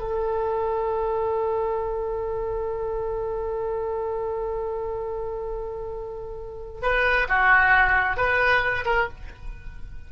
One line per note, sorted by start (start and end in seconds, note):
0.00 6.82 A4
6.82 7.28 B4
7.29 8.17 F#4
8.17 8.85 B4
8.85 9.08 A#4